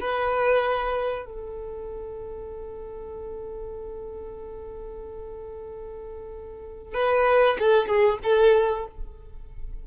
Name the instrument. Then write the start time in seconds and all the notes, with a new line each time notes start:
violin
0.00 B4
1.25 A4
6.94 B4
7.59 A4
7.87 G#4
8.23 A4